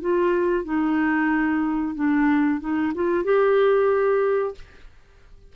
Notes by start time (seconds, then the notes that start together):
0.00 F4
0.64 D#4
1.94 D4
2.60 D#4
2.94 F4
3.24 G4